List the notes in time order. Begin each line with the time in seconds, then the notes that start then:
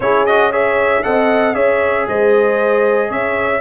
0.00 C#4 E4 G#4 C#5
0.26 F#4 D#5
0.51 G#4 C#5 E5
1.03 C4 A4 D#5 F#5
1.54 C#4 G#4 C#5 E5
2.08 G#3 C5 D#5
3.09 C#4 C#5 E5